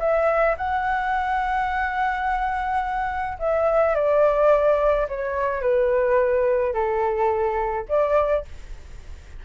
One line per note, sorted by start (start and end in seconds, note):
0.00 0.56 E5
0.57 3.38 F#5
3.39 3.95 E5
3.95 5.07 D5
5.08 5.62 C#5
5.62 6.73 B4
6.73 7.86 A4
7.89 8.45 D5